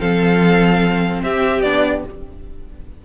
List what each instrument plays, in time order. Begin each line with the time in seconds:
0.00 cello F3, viola C4, violin A4 F5
1.22 cello C4, violin G4 E5
1.61 cello B3, viola D4, violin D5